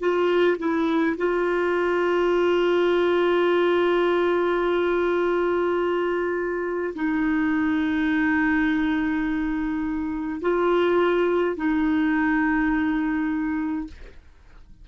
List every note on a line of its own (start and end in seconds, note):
0.00 0.58 F4
0.59 1.17 E4
1.18 6.95 F4
6.95 10.41 D#4
10.42 11.57 F4
11.57 13.88 D#4